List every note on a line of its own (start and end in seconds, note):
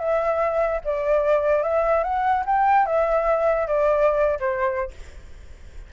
0.00 0.82 E5
0.85 1.63 D5
1.63 2.04 E5
2.04 2.45 F#5
2.46 2.86 G5
2.86 3.68 E5
3.68 4.39 D5
4.40 4.91 C5